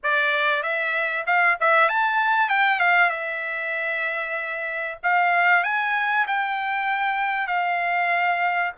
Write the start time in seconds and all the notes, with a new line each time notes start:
0.03 D5
0.62 E5
1.26 F5
1.60 E5
1.88 A5
2.49 G5
2.79 F5
3.10 E5
5.03 F5
5.63 G#5
6.27 G5
7.47 F5